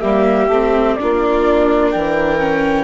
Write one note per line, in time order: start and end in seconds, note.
0.00 0.49 G3
0.00 0.51 A#3
0.00 0.96 G4
0.00 0.95 E5
0.49 0.96 A3
0.49 0.99 C4
0.95 2.39 D4
0.95 1.90 D5
1.02 1.95 A#3
1.02 1.92 F4
1.91 2.84 E3
1.91 2.84 A#4
1.91 2.84 G5
2.39 2.84 C#4